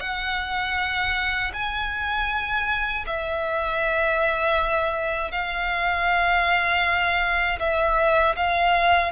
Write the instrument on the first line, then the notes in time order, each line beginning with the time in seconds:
violin
0.00 F#5
1.53 G#5
3.06 E5
5.31 F5
7.59 E5
8.36 F5